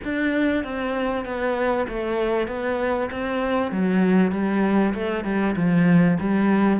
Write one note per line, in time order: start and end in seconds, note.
0.04 0.64 D4
0.64 1.25 C4
1.25 1.87 B3
1.88 2.47 A3
2.47 3.09 B3
3.11 3.71 C4
3.71 4.31 F#3
4.31 4.93 G3
4.94 5.24 A3
5.24 5.55 G3
5.56 6.17 F3
6.19 6.80 G3